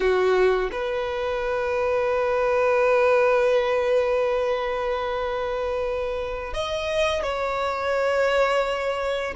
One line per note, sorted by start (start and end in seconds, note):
0.00 0.69 F#4
0.72 6.53 B4
6.53 7.22 D#5
7.22 9.34 C#5